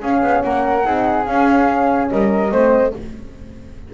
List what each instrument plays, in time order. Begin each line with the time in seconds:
0.00 horn C#4, double bass C#4, flute G#4 F5
0.23 double bass B3
0.42 double bass A#3, flute A#4 F#5
0.83 double bass C4, horn D#4, flute G#4
1.25 horn C#4, double bass C#4, flute F5
2.10 double bass G3, flute A#4 D#5
2.51 double bass A3, horn C4, flute C5